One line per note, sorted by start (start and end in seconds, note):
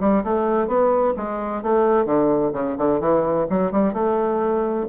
0.00 0.23 G3
0.24 0.67 A3
0.67 1.14 B3
1.17 1.62 G#3
1.62 2.05 A3
2.05 2.52 D3
2.53 2.76 C#3
2.78 3.00 D3
3.00 3.47 E3
3.50 3.72 F#3
3.72 3.93 G3
3.93 4.86 A3